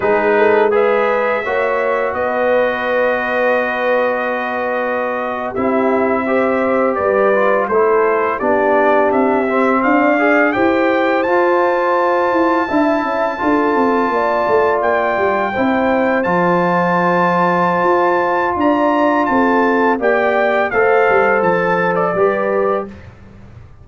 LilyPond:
<<
  \new Staff \with { instrumentName = "trumpet" } { \time 4/4 \tempo 4 = 84 b'4 e''2 dis''4~ | dis''2.~ dis''8. e''16~ | e''4.~ e''16 d''4 c''4 d''16~ | d''8. e''4 f''4 g''4 a''16~ |
a''1~ | a''8. g''2 a''4~ a''16~ | a''2 ais''4 a''4 | g''4 f''4 a''8. d''4~ d''16 | }
  \new Staff \with { instrumentName = "horn" } { \time 4/4 gis'8 a'8 b'4 cis''4 b'4~ | b'2.~ b'8. g'16~ | g'8. c''4 b'4 a'4 g'16~ | g'4.~ g'16 d''4 c''4~ c''16~ |
c''4.~ c''16 e''4 a'4 d''16~ | d''4.~ d''16 c''2~ c''16~ | c''2 d''4 a'4 | d''4 c''2 b'4 | }
  \new Staff \with { instrumentName = "trombone" } { \time 4/4 dis'4 gis'4 fis'2~ | fis'2.~ fis'8. e'16~ | e'8. g'4. f'8 e'4 d'16~ | d'4~ d'16 c'4 gis'8 g'4 f'16~ |
f'4.~ f'16 e'4 f'4~ f'16~ | f'4.~ f'16 e'4 f'4~ f'16~ | f'1 | g'4 a'2 g'4 | }
  \new Staff \with { instrumentName = "tuba" } { \time 4/4 gis2 ais4 b4~ | b2.~ b8. c'16~ | c'4.~ c'16 g4 a4 b16~ | b8. c'4 d'4 e'4 f'16~ |
f'4~ f'16 e'8 d'8 cis'8 d'8 c'8 ais16~ | ais16 a8 ais8 g8 c'4 f4~ f16~ | f4 f'4 d'4 c'4 | ais4 a8 g8 f4 g4 | }
>>